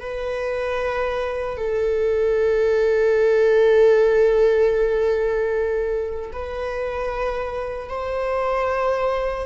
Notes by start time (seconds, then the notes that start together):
0.00 B4
1.57 A4
6.33 B4
7.89 C5